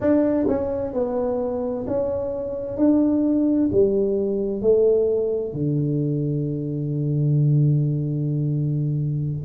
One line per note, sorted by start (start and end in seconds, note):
0.00 0.47 D4
0.47 0.93 C#4
0.93 1.85 B3
1.87 2.77 C#4
2.77 3.69 D4
3.72 4.62 G3
4.62 5.53 A3
5.53 9.44 D3